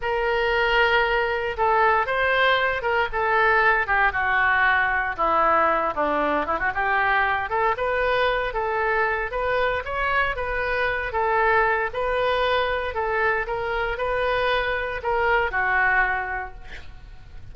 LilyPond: \new Staff \with { instrumentName = "oboe" } { \time 4/4 \tempo 4 = 116 ais'2. a'4 | c''4. ais'8 a'4. g'8 | fis'2 e'4. d'8~ | d'8 e'16 fis'16 g'4. a'8 b'4~ |
b'8 a'4. b'4 cis''4 | b'4. a'4. b'4~ | b'4 a'4 ais'4 b'4~ | b'4 ais'4 fis'2 | }